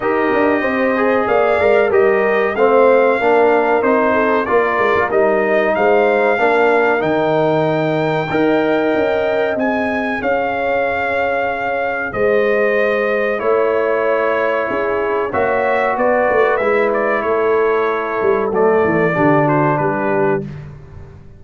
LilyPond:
<<
  \new Staff \with { instrumentName = "trumpet" } { \time 4/4 \tempo 4 = 94 dis''2 f''4 dis''4 | f''2 c''4 d''4 | dis''4 f''2 g''4~ | g''2. gis''4 |
f''2. dis''4~ | dis''4 cis''2. | e''4 d''4 e''8 d''8 cis''4~ | cis''4 d''4. c''8 b'4 | }
  \new Staff \with { instrumentName = "horn" } { \time 4/4 ais'4 c''4 d''4 ais'4 | c''4 ais'4. a'8 ais'4~ | ais'4 c''4 ais'2~ | ais'4 dis''2. |
cis''2. c''4~ | c''4 cis''2 gis'4 | cis''4 b'2 a'4~ | a'2 g'8 fis'8 g'4 | }
  \new Staff \with { instrumentName = "trombone" } { \time 4/4 g'4. gis'4 ais'8 g'4 | c'4 d'4 dis'4 f'4 | dis'2 d'4 dis'4~ | dis'4 ais'2 gis'4~ |
gis'1~ | gis'4 e'2. | fis'2 e'2~ | e'4 a4 d'2 | }
  \new Staff \with { instrumentName = "tuba" } { \time 4/4 dis'8 d'8 c'4 ais8 gis8 g4 | a4 ais4 c'4 ais8 gis16 ais16 | g4 gis4 ais4 dis4~ | dis4 dis'4 cis'4 c'4 |
cis'2. gis4~ | gis4 a2 cis'4 | ais4 b8 a8 gis4 a4~ | a8 g8 fis8 e8 d4 g4 | }
>>